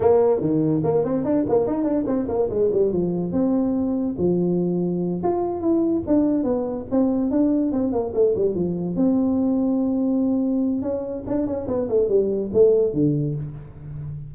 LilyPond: \new Staff \with { instrumentName = "tuba" } { \time 4/4 \tempo 4 = 144 ais4 dis4 ais8 c'8 d'8 ais8 | dis'8 d'8 c'8 ais8 gis8 g8 f4 | c'2 f2~ | f8 f'4 e'4 d'4 b8~ |
b8 c'4 d'4 c'8 ais8 a8 | g8 f4 c'2~ c'8~ | c'2 cis'4 d'8 cis'8 | b8 a8 g4 a4 d4 | }